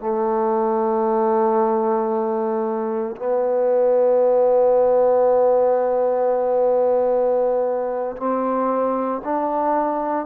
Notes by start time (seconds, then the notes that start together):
0.00 A3
3.16 B3
8.17 C4
9.24 D4